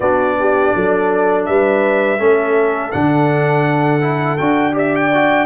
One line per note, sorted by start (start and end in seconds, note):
0.00 0.73 B3
0.00 2.19 D4
0.00 0.37 F#4
0.00 1.45 D5
0.39 0.75 G4
0.75 1.47 F#3
0.75 1.48 A4
1.45 2.19 G3
1.45 2.20 B4
1.45 2.91 E5
2.19 2.93 A3
2.19 2.92 C#4
2.19 4.73 A4
2.91 4.39 D3
2.91 4.01 D4
2.91 4.37 F#5
4.01 4.37 E4
4.37 5.45 D4
4.37 4.73 F#4
4.37 4.74 G5
4.73 5.09 G4
4.73 5.45 D5
4.73 4.95 E5
4.95 5.45 G5
5.13 5.45 F#4